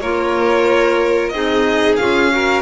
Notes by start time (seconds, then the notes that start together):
0.00 A#3 F4 A#4 C#5
1.29 C4 D#4 G#4 D#5
1.96 C#4 F4 F5
2.30 F#4 A#4